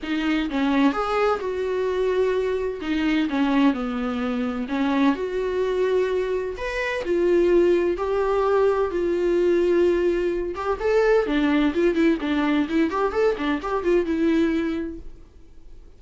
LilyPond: \new Staff \with { instrumentName = "viola" } { \time 4/4 \tempo 4 = 128 dis'4 cis'4 gis'4 fis'4~ | fis'2 dis'4 cis'4 | b2 cis'4 fis'4~ | fis'2 b'4 f'4~ |
f'4 g'2 f'4~ | f'2~ f'8 g'8 a'4 | d'4 f'8 e'8 d'4 e'8 g'8 | a'8 d'8 g'8 f'8 e'2 | }